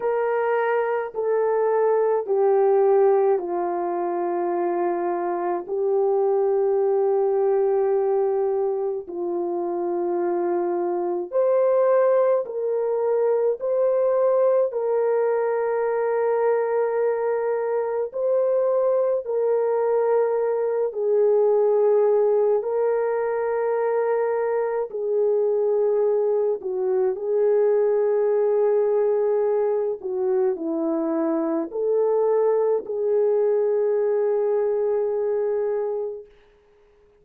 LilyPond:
\new Staff \with { instrumentName = "horn" } { \time 4/4 \tempo 4 = 53 ais'4 a'4 g'4 f'4~ | f'4 g'2. | f'2 c''4 ais'4 | c''4 ais'2. |
c''4 ais'4. gis'4. | ais'2 gis'4. fis'8 | gis'2~ gis'8 fis'8 e'4 | a'4 gis'2. | }